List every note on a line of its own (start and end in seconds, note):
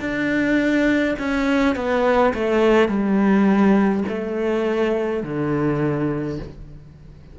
0.00 1.15 D4
1.19 1.75 C#4
1.75 2.33 B3
2.34 2.88 A3
2.88 4.04 G3
4.09 5.23 A3
5.23 6.39 D3